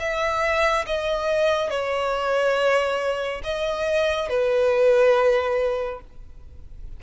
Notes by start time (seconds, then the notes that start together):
0.00 E5
0.87 D#5
1.71 C#5
3.44 D#5
4.29 B4